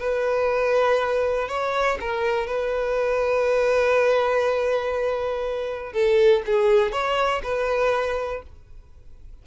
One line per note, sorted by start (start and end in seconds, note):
0.00 1.49 B4
1.49 1.99 C#5
2.01 2.47 A#4
2.47 5.93 B4
5.93 6.43 A4
6.47 6.93 G#4
6.93 7.42 C#5
7.44 8.43 B4